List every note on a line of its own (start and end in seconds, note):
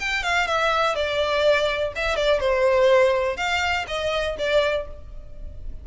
0.00 0.23 G5
0.23 0.48 F5
0.48 0.96 E5
0.96 1.93 D5
1.96 2.16 E5
2.16 2.40 D5
2.40 3.37 C5
3.37 3.86 F5
3.88 4.37 D#5
4.39 4.88 D5